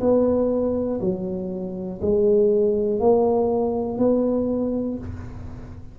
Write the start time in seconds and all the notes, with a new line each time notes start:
0.00 B3
1.00 F#3
2.01 G#3
3.00 A#3
3.98 B3